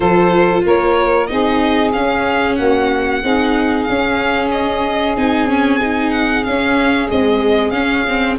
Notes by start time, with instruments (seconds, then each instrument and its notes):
0.00 tuba F3, viola F4, saxophone A4, violin C5
0.65 tuba A#3, saxophone A#4, violin C#5
1.26 tuba C4, viola D#4, saxophone G#4, violin D#5
1.92 viola C#4, tuba C#4, violin F5
2.55 tuba A#3, saxophone F#4, violin F#5
3.22 tuba C4, viola D#4, saxophone G#4
3.83 viola C#4, violin F5
3.89 tuba C#4
4.51 violin D#5
5.16 tuba C4, viola D#4, violin G#5
5.47 viola C#4
5.80 viola D#4
6.11 violin F#5
6.43 tuba C#4, violin F5
6.49 viola C#4
7.08 viola G#3, tuba C4, violin D#5
7.70 tuba C#4, viola C#4, violin F5
8.07 viola C4